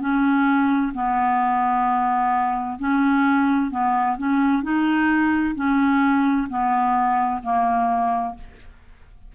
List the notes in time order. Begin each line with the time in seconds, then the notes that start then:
0.00 C#4
0.94 B3
2.79 C#4
3.71 B3
4.17 C#4
4.63 D#4
5.56 C#4
6.50 B3
7.43 A#3